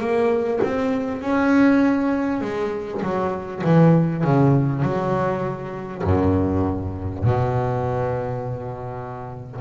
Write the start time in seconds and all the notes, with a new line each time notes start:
0.00 A#3
0.63 C4
1.21 C#4
2.41 G#3
3.02 F#3
3.64 E3
4.24 C#3
4.82 F#3
6.03 F#2
7.23 B2